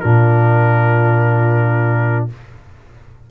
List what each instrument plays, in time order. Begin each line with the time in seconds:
0.00 tuba A#2, trombone D4, horn F4, trumpet A#4